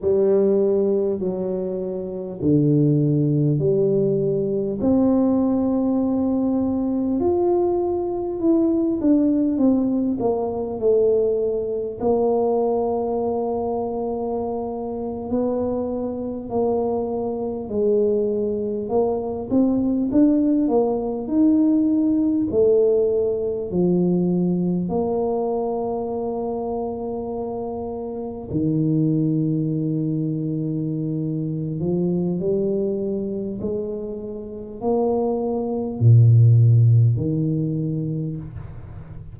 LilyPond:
\new Staff \with { instrumentName = "tuba" } { \time 4/4 \tempo 4 = 50 g4 fis4 d4 g4 | c'2 f'4 e'8 d'8 | c'8 ais8 a4 ais2~ | ais8. b4 ais4 gis4 ais16~ |
ais16 c'8 d'8 ais8 dis'4 a4 f16~ | f8. ais2. dis16~ | dis2~ dis8 f8 g4 | gis4 ais4 ais,4 dis4 | }